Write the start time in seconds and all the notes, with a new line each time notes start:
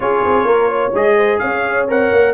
0.00 C#4 F4 G#4 C#5
0.25 C4
0.44 A#3 A#4
0.68 C#5
0.93 G#3 G#4 D#5
1.16 C5
1.39 C#4 C#5 F5
1.87 C4 A#4 F#5
2.11 A#3